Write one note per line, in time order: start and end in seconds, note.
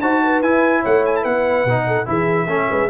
0.00 0.41 D#4
0.00 0.43 F#4
0.00 0.22 C5
0.00 0.41 A5
0.23 0.81 B4
0.41 0.83 E4
0.41 1.67 E4
0.41 0.83 G#5
0.81 1.24 A3
0.81 1.21 C#5
0.81 1.05 F#5
1.05 1.16 G#5
1.16 1.83 B4
1.16 1.24 A5
1.24 1.64 B3
1.24 2.07 F#5
1.64 2.06 B2
1.64 2.05 D#4
1.86 2.07 A4
2.05 2.46 E3
2.05 2.46 E4
2.05 2.47 G#4
2.05 2.90 E5
2.46 2.67 A3
2.46 2.89 C#4
2.46 2.67 A4
2.69 2.90 G#3
2.69 2.90 B4